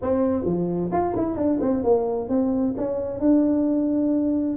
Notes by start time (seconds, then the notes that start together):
0.01 C4
0.44 F3
0.92 F4
1.16 E4
1.36 D4
1.61 C4
1.83 A#3
2.29 C4
2.77 C#4
3.20 D4